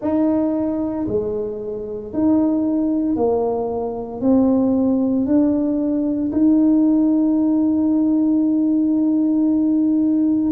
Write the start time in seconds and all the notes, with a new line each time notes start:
0.01 D#4
1.08 G#3
2.13 D#4
3.16 A#3
4.21 C4
5.25 D4
6.32 D#4